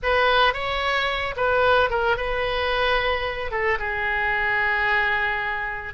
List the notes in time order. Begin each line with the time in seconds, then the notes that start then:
0.02 B4
0.53 C#5
1.36 B4
1.89 A#4
2.16 B4
3.51 A4
3.78 G#4